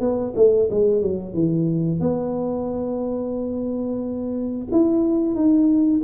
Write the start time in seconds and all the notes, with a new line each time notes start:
0.00 B3
0.35 A3
0.70 G#3
1.02 F#3
1.33 E3
2.00 B3
4.71 E4
5.35 D#4